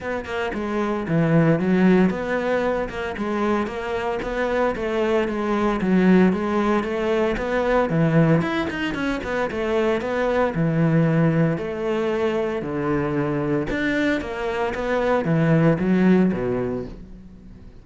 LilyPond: \new Staff \with { instrumentName = "cello" } { \time 4/4 \tempo 4 = 114 b8 ais8 gis4 e4 fis4 | b4. ais8 gis4 ais4 | b4 a4 gis4 fis4 | gis4 a4 b4 e4 |
e'8 dis'8 cis'8 b8 a4 b4 | e2 a2 | d2 d'4 ais4 | b4 e4 fis4 b,4 | }